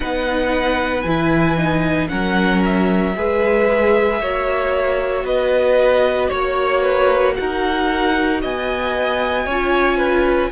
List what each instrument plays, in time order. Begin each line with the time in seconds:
0.00 cello B3, viola D#4, violin B4 F#5
1.02 cello E3, viola E4, violin G#5
1.57 viola D#4
2.08 cello F#3, viola C#4, violin A#4 F#5
2.64 violin E5
3.16 cello G#3, viola G#4, violin B4
4.20 cello A#3, viola F#4, violin C#5
5.24 cello B3, violin B4 D#5
6.29 cello A#3, violin C#5
6.82 violin B4
7.36 cello D#4, violin A#4 F#5
8.41 cello B3, violin D#5 G#5
9.45 cello C#4, viola F4, violin C#5
9.97 violin B4